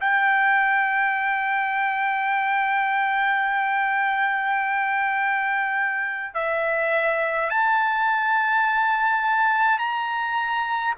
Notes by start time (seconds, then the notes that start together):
0.00 G5
6.34 E5
7.49 A5
9.78 A#5